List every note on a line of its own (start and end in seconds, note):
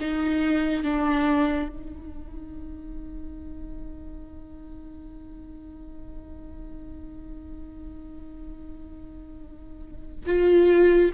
0.00 0.83 D#4
0.83 1.68 D4
1.68 10.25 D#4
10.26 11.12 F4